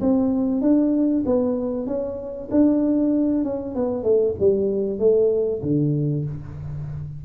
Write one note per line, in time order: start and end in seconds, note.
0.00 0.61 C4
0.61 1.24 D4
1.26 1.86 B3
1.86 2.49 C#4
2.51 3.44 D4
3.44 3.75 C#4
3.75 4.03 B3
4.03 4.34 A3
4.39 4.99 G3
4.99 5.61 A3
5.62 6.24 D3